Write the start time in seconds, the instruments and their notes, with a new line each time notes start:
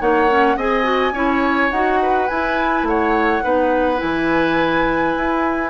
0.00 bassoon A#3, clarinet D#4, oboe C#5, flute F#5
0.29 clarinet C#4
0.57 bassoon C4, clarinet G#4, oboe D#5, flute G#5
0.83 clarinet F#4
1.13 bassoon C#4, clarinet E4, oboe C#5
1.71 bassoon D#4, clarinet F#4, flute F#5
2.03 oboe B4
2.28 clarinet E4, bassoon E4, flute G#5
2.83 bassoon A3, oboe C#5, flute F#5
3.43 bassoon B3, clarinet D#4, oboe B4
3.97 bassoon E3, clarinet E4, flute G#5
5.16 bassoon E4